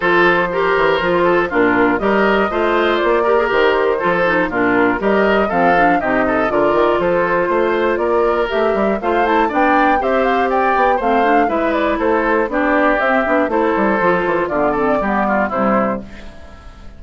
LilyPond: <<
  \new Staff \with { instrumentName = "flute" } { \time 4/4 \tempo 4 = 120 c''2. ais'4 | dis''2 d''4 c''4~ | c''4 ais'4 dis''4 f''4 | dis''4 d''4 c''2 |
d''4 e''4 f''8 a''8 g''4 | e''8 f''8 g''4 f''4 e''8 d''8 | c''4 d''4 e''4 c''4~ | c''4 d''2 c''4 | }
  \new Staff \with { instrumentName = "oboe" } { \time 4/4 a'4 ais'4. a'8 f'4 | ais'4 c''4. ais'4. | a'4 f'4 ais'4 a'4 | g'8 a'8 ais'4 a'4 c''4 |
ais'2 c''4 d''4 | c''4 d''4 c''4 b'4 | a'4 g'2 a'4~ | a'4 f'8 a'8 g'8 f'8 e'4 | }
  \new Staff \with { instrumentName = "clarinet" } { \time 4/4 f'4 g'4 f'4 d'4 | g'4 f'4. g'16 gis'16 g'4 | f'8 dis'8 d'4 g'4 c'8 d'8 | dis'4 f'2.~ |
f'4 g'4 f'8 e'8 d'4 | g'2 c'8 d'8 e'4~ | e'4 d'4 c'8 d'8 e'4 | f'4 b8 c'8 b4 g4 | }
  \new Staff \with { instrumentName = "bassoon" } { \time 4/4 f4. e8 f4 ais,4 | g4 a4 ais4 dis4 | f4 ais,4 g4 f4 | c4 d8 dis8 f4 a4 |
ais4 a8 g8 a4 b4 | c'4. b8 a4 gis4 | a4 b4 c'8 b8 a8 g8 | f8 e8 d4 g4 c4 | }
>>